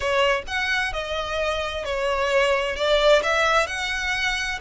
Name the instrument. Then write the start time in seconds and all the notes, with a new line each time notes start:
violin
0.00 C#5
0.47 F#5
0.92 D#5
1.84 C#5
2.75 D5
3.22 E5
3.67 F#5